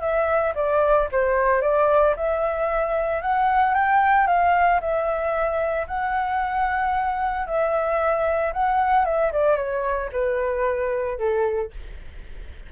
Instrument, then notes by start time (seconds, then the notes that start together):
flute
0.00 E5
0.55 D5
1.11 C5
1.61 D5
2.16 E5
3.21 F#5
3.74 G5
4.26 F5
4.80 E5
5.87 F#5
7.46 E5
8.53 F#5
9.05 E5
9.32 D5
9.56 C#5
10.12 B4
11.18 A4